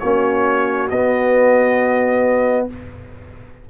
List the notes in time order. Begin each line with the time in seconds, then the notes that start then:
0.00 A#3 C#4 F#4 C#5
0.90 B3 D#5